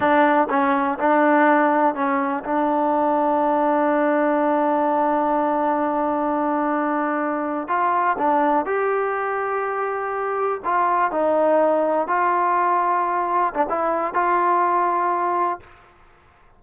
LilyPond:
\new Staff \with { instrumentName = "trombone" } { \time 4/4 \tempo 4 = 123 d'4 cis'4 d'2 | cis'4 d'2.~ | d'1~ | d'2.~ d'8. f'16~ |
f'8. d'4 g'2~ g'16~ | g'4.~ g'16 f'4 dis'4~ dis'16~ | dis'8. f'2. d'16 | e'4 f'2. | }